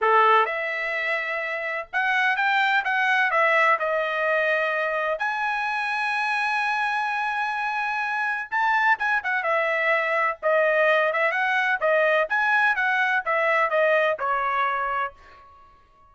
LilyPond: \new Staff \with { instrumentName = "trumpet" } { \time 4/4 \tempo 4 = 127 a'4 e''2. | fis''4 g''4 fis''4 e''4 | dis''2. gis''4~ | gis''1~ |
gis''2 a''4 gis''8 fis''8 | e''2 dis''4. e''8 | fis''4 dis''4 gis''4 fis''4 | e''4 dis''4 cis''2 | }